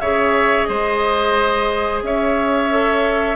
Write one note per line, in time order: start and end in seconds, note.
0.00 0.68 C#3
0.00 2.71 G#4
0.00 0.68 C#5
0.00 0.64 E5
0.64 2.02 G#3
0.64 2.03 C5
0.64 1.99 D#5
2.02 3.36 C#4
2.02 3.36 C#5
2.02 3.36 E5
2.71 3.36 A4